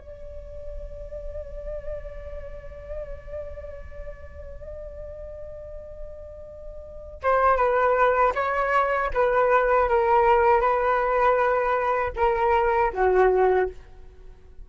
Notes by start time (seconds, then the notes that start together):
0.00 D5
7.23 C5
7.57 B4
8.35 C#5
9.14 B4
9.89 A#4
10.61 B4
12.17 A#4
12.94 F#4